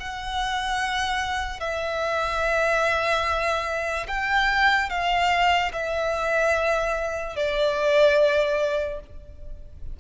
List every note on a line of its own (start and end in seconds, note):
0.00 1.60 F#5
1.60 4.07 E5
4.08 4.90 G5
4.90 5.72 F5
5.73 7.36 E5
7.36 9.00 D5